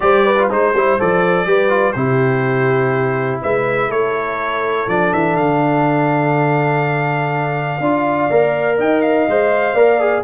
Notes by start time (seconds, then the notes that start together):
0.00 G3 G4 C5 D5
0.25 B4
0.38 F4
0.49 G#3 D#4 C5
0.74 G3 E4
0.99 F3 A4 D5
1.45 G3 G4 B4
1.69 F4
1.92 C3 E4 G4 C5
3.41 G#3 B4 E5
3.88 A3 A4 C#5
4.87 F3 D4 D5
5.13 E3 E5
5.36 D3 F5
7.80 D4 F4 D5
8.30 A#3 A#4
8.77 D#4 D#5 G5
9.01 F5
9.28 G#3 C5
9.74 A#3 A#4 D5
10.00 G#4